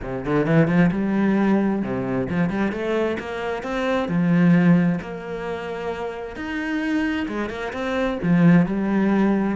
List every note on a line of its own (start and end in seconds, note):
0.02 0.25 C3
0.25 0.46 D3
0.46 0.67 E3
0.67 0.90 F3
0.91 1.82 G3
1.82 2.28 C3
2.29 2.49 F3
2.49 2.71 G3
2.71 3.17 A3
3.19 3.62 A#3
3.62 4.08 C4
4.08 4.99 F3
5.01 6.35 A#3
6.35 7.26 D#4
7.28 7.49 G#3
7.49 7.72 A#3
7.73 8.18 C4
8.23 8.65 F3
8.65 9.56 G3